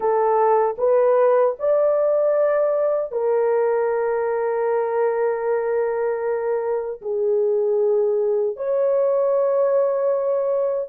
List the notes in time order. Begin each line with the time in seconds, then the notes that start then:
0.00 A4
0.78 B4
1.59 D5
3.11 A#4
7.01 G#4
8.56 C#5